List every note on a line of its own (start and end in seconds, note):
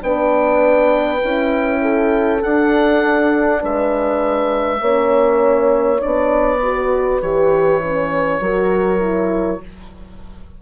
0.00 1.21 B3
0.00 1.20 D4
0.00 1.81 B4
0.00 2.43 G5
1.22 2.43 C#4
1.22 2.42 E4
1.81 3.61 A4
2.43 4.83 D4
2.43 3.63 D4
2.43 3.62 F#5
3.61 4.80 G#3
3.61 4.81 B4
3.61 6.01 E5
4.80 6.00 A#3
4.80 5.99 C#4
4.80 6.61 C#5
5.99 7.21 B3
5.99 6.59 D4
5.99 7.21 D5
6.62 7.22 F#4
6.62 8.41 B4
7.21 8.39 E3
7.21 7.82 G4
7.21 9.61 C#5
7.83 8.42 C#4
8.39 9.60 F#3
8.39 8.99 F#4
8.39 9.61 A#4
8.99 9.59 E4